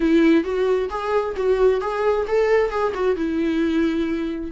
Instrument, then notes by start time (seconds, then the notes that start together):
viola
0.00 E4
0.44 F#4
0.89 G#4
1.36 F#4
1.80 G#4
2.27 A4
2.70 G#4
2.94 F#4
3.16 E4